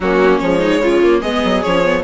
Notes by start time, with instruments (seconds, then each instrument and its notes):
0.00 bassoon F#3, viola A#3 C#4, violin F#4
0.39 bassoon F3, viola G#3, violin C#5
0.60 viola D#4
0.78 bassoon C#3, viola F4
1.03 viola A#3
1.20 bassoon G#3, viola B3 G#4, violin D#5
1.44 bassoon F#3
1.62 bassoon F3, viola C#4, violin C#5
1.84 viola B3